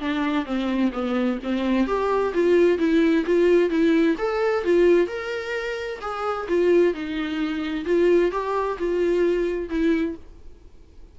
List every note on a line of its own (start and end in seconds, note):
0.00 0.46 D4
0.46 0.92 C4
0.93 1.39 B3
1.44 1.87 C4
1.87 2.33 G4
2.34 2.79 F4
2.79 3.25 E4
3.26 3.70 F4
3.70 4.16 E4
4.18 4.64 A4
4.65 5.07 F4
5.07 6.00 A#4
6.01 6.47 G#4
6.49 6.94 F4
6.94 7.85 D#4
7.85 8.32 F4
8.32 8.78 G4
8.78 9.69 F4
9.69 10.16 E4